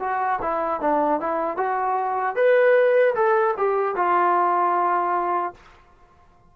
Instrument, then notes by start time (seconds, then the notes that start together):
trombone
0.00 F#4
0.42 E4
0.81 D4
1.21 E4
1.57 F#4
2.36 B4
3.15 A4
3.58 G4
3.96 F4